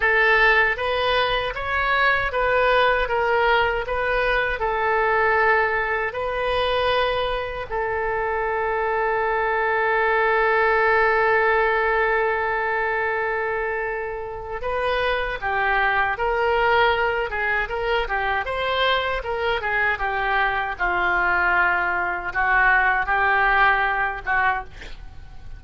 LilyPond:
\new Staff \with { instrumentName = "oboe" } { \time 4/4 \tempo 4 = 78 a'4 b'4 cis''4 b'4 | ais'4 b'4 a'2 | b'2 a'2~ | a'1~ |
a'2. b'4 | g'4 ais'4. gis'8 ais'8 g'8 | c''4 ais'8 gis'8 g'4 f'4~ | f'4 fis'4 g'4. fis'8 | }